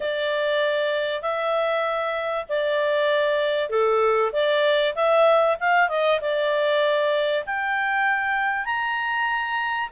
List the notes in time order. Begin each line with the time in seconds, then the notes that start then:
0.00 D5
1.21 E5
2.49 D5
3.69 A4
4.32 D5
4.95 E5
5.60 F5
5.88 D#5
6.20 D5
7.45 G5
8.65 A#5